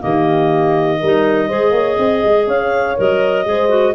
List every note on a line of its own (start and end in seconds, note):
0.00 1.02 D#3
0.00 0.98 A#3
0.00 1.00 G4
0.00 2.48 D#5
1.00 1.50 G3
1.00 1.49 D#4
1.00 1.48 A#4
1.48 1.71 G#3
1.48 2.97 G#4
1.48 1.73 C5
1.71 1.96 A#3
1.71 1.98 C#5
1.99 2.23 C4
1.99 2.48 D#5
2.24 2.47 G#3
2.47 2.96 C#4
2.47 3.46 C#5
2.47 2.97 F5
2.97 3.46 F#3
2.97 3.46 A#4
2.97 3.95 D#5
3.46 3.95 G#3
3.46 3.69 G#4
3.46 3.95 C5
3.69 3.93 F#4